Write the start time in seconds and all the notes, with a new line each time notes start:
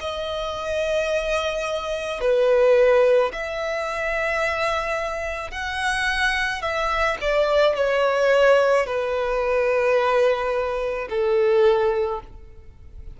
0.00 D#5
2.20 B4
3.32 E5
5.51 F#5
6.62 E5
7.21 D5
7.75 C#5
8.86 B4
11.09 A4